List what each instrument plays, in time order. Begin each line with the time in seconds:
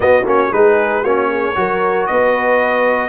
0.00 trombone B3, tuba B3, horn F#4, trumpet D#5
0.24 tuba A#3, trombone C#4, trumpet C#5
0.52 tuba G#3, trombone D#4, horn G#4, trumpet B4
1.02 tuba A#3, trombone C#4, horn F#4, trumpet C#5
1.29 horn G#4
1.55 tuba F#3, trombone F#4, horn A#4
2.06 tuba B3, horn B4, trumpet D#5